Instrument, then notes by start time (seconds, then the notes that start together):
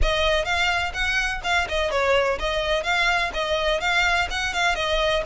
violin
0.02 D#5
0.45 F5
0.93 F#5
1.43 F5
1.68 D#5
1.90 C#5
2.39 D#5
2.83 F5
3.33 D#5
3.80 F5
4.30 F#5
4.53 F5
4.75 D#5